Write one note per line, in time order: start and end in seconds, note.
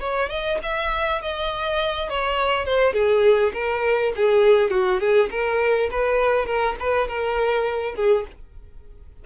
0.00 0.29 C#5
0.29 0.59 D#5
0.63 1.22 E5
1.22 2.10 D#5
2.10 2.66 C#5
2.66 2.94 C5
2.94 3.52 G#4
3.54 4.13 A#4
4.16 4.71 G#4
4.71 5.00 F#4
5.00 5.30 G#4
5.31 5.90 A#4
5.91 6.46 B4
6.46 6.76 A#4
6.80 7.08 B4
7.08 7.95 A#4
7.95 8.25 G#4